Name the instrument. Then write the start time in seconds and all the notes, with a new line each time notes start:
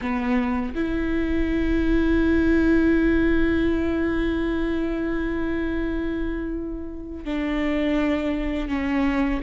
viola
0.01 B3
0.74 E4
7.24 D4
8.68 C#4